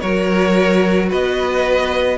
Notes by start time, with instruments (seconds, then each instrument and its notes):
0.00 cello F#3, viola F#4, violin A#4 C#5
1.09 cello B3, violin B4 D#5